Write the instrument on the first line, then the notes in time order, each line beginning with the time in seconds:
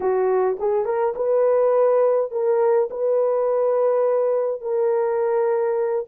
horn
0.00 F#4
0.59 G#4
0.85 A#4
1.15 B4
2.31 A#4
2.90 B4
4.61 A#4